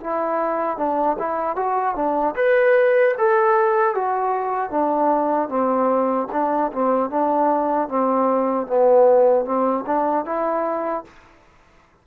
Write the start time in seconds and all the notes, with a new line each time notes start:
0.00 E4
0.77 D4
1.19 E4
1.56 F#4
1.95 D4
2.36 B4
3.18 A4
3.94 F#4
4.70 D4
5.49 C4
6.32 D4
6.72 C4
7.10 D4
7.88 C4
8.67 B3
9.45 C4
9.86 D4
10.25 E4